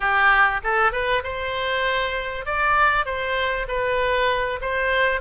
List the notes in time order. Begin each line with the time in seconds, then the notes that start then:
0.00 G4
0.63 A4
0.92 B4
1.23 C5
2.45 D5
3.05 C5
3.68 B4
4.61 C5